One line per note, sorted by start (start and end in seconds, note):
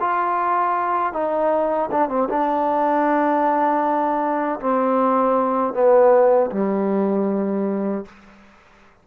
0.00 1.13 F4
1.13 1.90 D#4
1.91 2.09 D4
2.09 2.28 C4
2.29 4.60 D4
4.60 5.73 C4
5.73 6.50 B3
6.51 8.05 G3